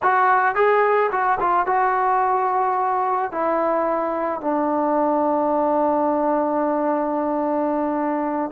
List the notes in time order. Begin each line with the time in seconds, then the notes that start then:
0.02 F#4
0.55 G#4
1.11 F#4
1.39 F4
1.66 F#4
3.31 E4
4.40 D4